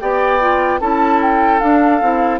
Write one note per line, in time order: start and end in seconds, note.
0.00 0.80 B3
0.00 0.41 G4
0.00 0.81 D5
0.00 0.80 G5
0.41 0.81 F4
0.80 1.60 C#4
0.80 1.61 E4
0.80 2.40 A4
0.80 1.20 A5
1.22 1.60 G5
1.60 2.01 D4
1.60 2.02 D4
1.60 2.40 F5
2.02 2.40 C4
2.02 2.40 E4